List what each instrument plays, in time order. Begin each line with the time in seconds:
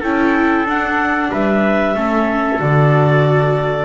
0.00 double bass C#4, viola E4, trumpet A4, clarinet G5
0.65 double bass D4, viola D4, clarinet F#5
1.31 double bass G3, trumpet B4, clarinet E5
1.95 double bass A3, viola C#4, trumpet A4
2.59 double bass D3, viola F#4, clarinet D5